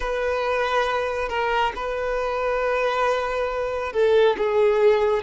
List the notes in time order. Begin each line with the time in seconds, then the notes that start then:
0.00 B4
1.28 A#4
1.75 B4
3.92 A4
4.37 G#4